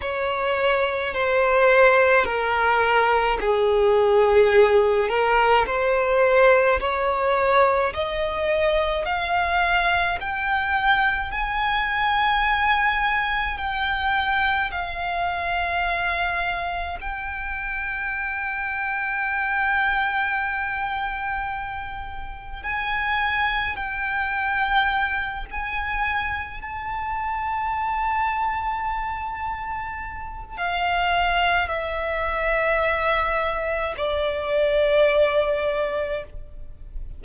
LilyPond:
\new Staff \with { instrumentName = "violin" } { \time 4/4 \tempo 4 = 53 cis''4 c''4 ais'4 gis'4~ | gis'8 ais'8 c''4 cis''4 dis''4 | f''4 g''4 gis''2 | g''4 f''2 g''4~ |
g''1 | gis''4 g''4. gis''4 a''8~ | a''2. f''4 | e''2 d''2 | }